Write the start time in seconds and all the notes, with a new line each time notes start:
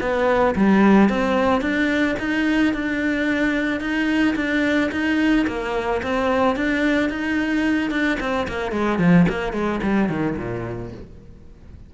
0.00 B3
0.55 G3
1.09 C4
1.61 D4
2.19 D#4
2.73 D4
3.80 D#4
4.35 D4
4.91 D#4
5.47 A#3
6.02 C4
6.55 D4
7.09 D#4
7.90 D4
8.19 C4
8.48 A#3
8.71 G#3
8.99 F3
9.29 A#3
9.52 G#3
9.82 G3
10.09 D#3
10.37 A#2